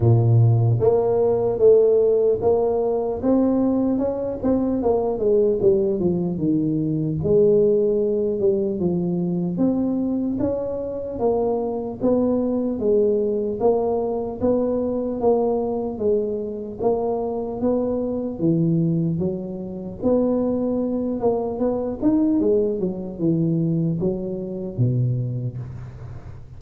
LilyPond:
\new Staff \with { instrumentName = "tuba" } { \time 4/4 \tempo 4 = 75 ais,4 ais4 a4 ais4 | c'4 cis'8 c'8 ais8 gis8 g8 f8 | dis4 gis4. g8 f4 | c'4 cis'4 ais4 b4 |
gis4 ais4 b4 ais4 | gis4 ais4 b4 e4 | fis4 b4. ais8 b8 dis'8 | gis8 fis8 e4 fis4 b,4 | }